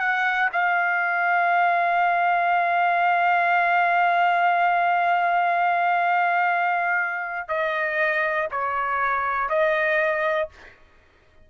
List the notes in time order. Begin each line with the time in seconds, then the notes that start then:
0.00 F#5
0.53 F5
7.49 D#5
8.51 C#5
9.50 D#5